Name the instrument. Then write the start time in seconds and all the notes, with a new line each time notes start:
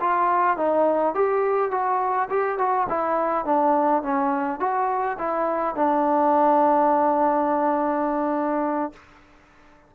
trombone
0.00 F4
0.57 D#4
1.15 G4
1.71 F#4
2.30 G4
2.58 F#4
2.89 E4
3.45 D4
4.03 C#4
4.59 F#4
5.18 E4
5.75 D4